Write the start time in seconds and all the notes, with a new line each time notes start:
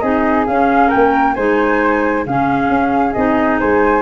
0.00 C4 D#4 G#4 D#5
0.47 C#4 F5
0.88 A#4 G5
0.94 A#3
1.35 G#3 D#4 C5 G#5
2.26 C#3 C#4 G#4 F5
2.69 C#4
3.14 C4 D#4 D#5
3.60 G#3 C5 G#5